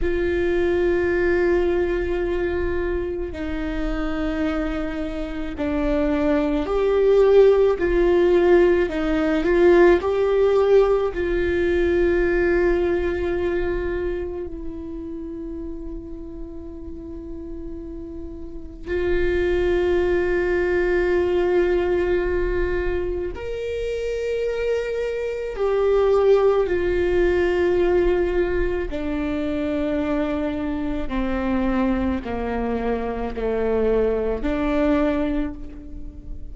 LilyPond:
\new Staff \with { instrumentName = "viola" } { \time 4/4 \tempo 4 = 54 f'2. dis'4~ | dis'4 d'4 g'4 f'4 | dis'8 f'8 g'4 f'2~ | f'4 e'2.~ |
e'4 f'2.~ | f'4 ais'2 g'4 | f'2 d'2 | c'4 ais4 a4 d'4 | }